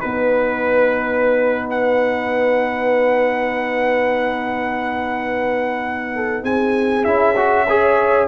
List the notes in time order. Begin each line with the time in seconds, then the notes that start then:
0.00 B3 D#4 B4
1.70 F#5
6.15 A4
6.43 C4 G#4 G#5
7.04 C#4 E4 E5
7.37 F#4
7.68 G#4 C#5